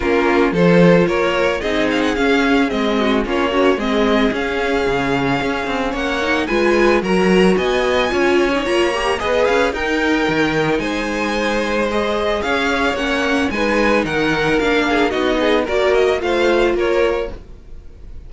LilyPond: <<
  \new Staff \with { instrumentName = "violin" } { \time 4/4 \tempo 4 = 111 ais'4 c''4 cis''4 dis''8 f''16 fis''16 | f''4 dis''4 cis''4 dis''4 | f''2. fis''4 | gis''4 ais''4 gis''2 |
ais''4 dis''8 f''8 g''2 | gis''2 dis''4 f''4 | fis''4 gis''4 fis''4 f''4 | dis''4 d''8 dis''8 f''4 cis''4 | }
  \new Staff \with { instrumentName = "violin" } { \time 4/4 f'4 a'4 ais'4 gis'4~ | gis'4. fis'8 f'8 cis'8 gis'4~ | gis'2. cis''4 | b'4 ais'4 dis''4 cis''4~ |
cis''4 b'4 ais'2 | c''2. cis''4~ | cis''4 b'4 ais'4. gis'8 | fis'8 gis'8 ais'4 c''4 ais'4 | }
  \new Staff \with { instrumentName = "viola" } { \time 4/4 cis'4 f'2 dis'4 | cis'4 c'4 cis'8 fis'8 c'4 | cis'2.~ cis'8 dis'8 | f'4 fis'2 f'8. dis'16 |
f'8 g'8 gis'4 dis'2~ | dis'2 gis'2 | cis'4 dis'2 d'4 | dis'4 fis'4 f'2 | }
  \new Staff \with { instrumentName = "cello" } { \time 4/4 ais4 f4 ais4 c'4 | cis'4 gis4 ais4 gis4 | cis'4 cis4 cis'8 c'8 ais4 | gis4 fis4 b4 cis'4 |
ais4 b8 cis'8 dis'4 dis4 | gis2. cis'4 | ais4 gis4 dis4 ais4 | b4 ais4 a4 ais4 | }
>>